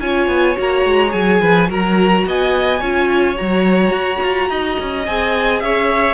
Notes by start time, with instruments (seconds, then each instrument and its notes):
0.00 cello C#4, viola F4, violin C#5 G#5
0.28 cello B3
0.56 cello A#3, viola F#4, violin A#5
0.85 cello G#3
1.10 cello F#3, viola G#4, violin G#5
1.41 cello F3, violin B4
1.68 cello F#3, viola F#4, violin A#4 A#5
2.26 cello B3, violin D#5 G#5
2.80 cello C#4, viola F4, violin C#5
3.36 cello F#3, viola F#4, violin A#5
3.91 cello F#4
4.22 cello F4
4.50 cello D#4, violin D#5
4.80 cello C#4
5.06 cello C4, viola G#4, violin G#5
5.61 cello C#4, violin C#5 E5